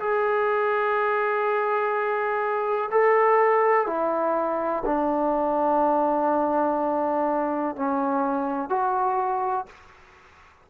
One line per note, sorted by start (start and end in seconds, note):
0.00 2.90 G#4
2.92 3.87 A4
3.87 4.84 E4
4.86 7.76 D4
7.76 8.70 C#4
8.70 9.66 F#4